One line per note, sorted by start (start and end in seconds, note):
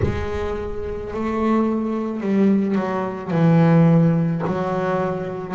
0.02 1.13 G#3
1.13 2.20 A3
2.20 2.75 G3
2.75 3.30 F#3
3.30 4.41 E3
4.46 5.54 F#3